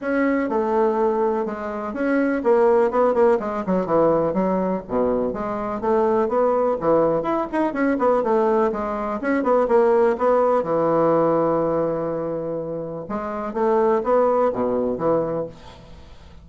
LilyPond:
\new Staff \with { instrumentName = "bassoon" } { \time 4/4 \tempo 4 = 124 cis'4 a2 gis4 | cis'4 ais4 b8 ais8 gis8 fis8 | e4 fis4 b,4 gis4 | a4 b4 e4 e'8 dis'8 |
cis'8 b8 a4 gis4 cis'8 b8 | ais4 b4 e2~ | e2. gis4 | a4 b4 b,4 e4 | }